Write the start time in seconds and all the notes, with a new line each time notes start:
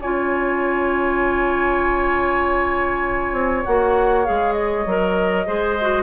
0.00 C#4 F4 C#5 G#5
3.33 C4
3.64 A#3 F#4 F#5
4.25 G#3 G#4 F5
4.53 D#5
4.86 F#3 A#4
5.47 G#3 G#4 C5
5.81 F#4